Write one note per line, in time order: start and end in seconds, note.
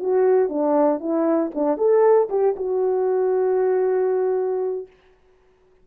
0.00 0.49 F#4
0.49 1.00 D4
1.00 1.51 E4
1.55 1.78 D4
1.78 2.29 A4
2.30 2.55 G4
2.56 4.87 F#4